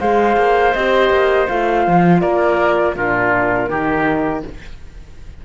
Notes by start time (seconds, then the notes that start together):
0.00 G#3 G#4 C5 F5
0.37 A#3
0.74 C4 G4 D#5
1.10 A#3
1.48 A3 F4 F5
1.87 F3
2.21 A#3 A#4 D5
2.95 A#2 D4 F4 A#4
3.69 D#3 D#4 G4